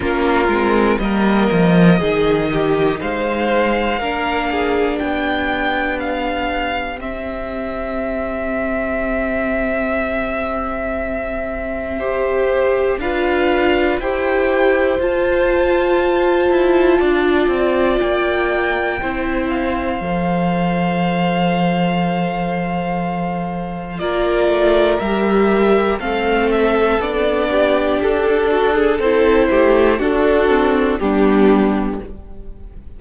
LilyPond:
<<
  \new Staff \with { instrumentName = "violin" } { \time 4/4 \tempo 4 = 60 ais'4 dis''2 f''4~ | f''4 g''4 f''4 e''4~ | e''1~ | e''4 f''4 g''4 a''4~ |
a''2 g''4. f''8~ | f''1 | d''4 e''4 f''8 e''8 d''4 | a'4 c''4 a'4 g'4 | }
  \new Staff \with { instrumentName = "violin" } { \time 4/4 f'4 ais'4 gis'8 g'8 c''4 | ais'8 gis'8 g'2.~ | g'1 | c''4 b'4 c''2~ |
c''4 d''2 c''4~ | c''1 | ais'2 a'4. g'8~ | g'8 fis'16 gis'16 a'8 g'8 fis'4 d'4 | }
  \new Staff \with { instrumentName = "viola" } { \time 4/4 cis'8 c'8 ais4 dis'2 | d'2. c'4~ | c'1 | g'4 f'4 g'4 f'4~ |
f'2. e'4 | a'1 | f'4 g'4 c'4 d'4~ | d'4 e'4 d'8 c'8 b4 | }
  \new Staff \with { instrumentName = "cello" } { \time 4/4 ais8 gis8 g8 f8 dis4 gis4 | ais4 b2 c'4~ | c'1~ | c'4 d'4 e'4 f'4~ |
f'8 e'8 d'8 c'8 ais4 c'4 | f1 | ais8 a8 g4 a4 b4 | d'4 c'8 a8 d'4 g4 | }
>>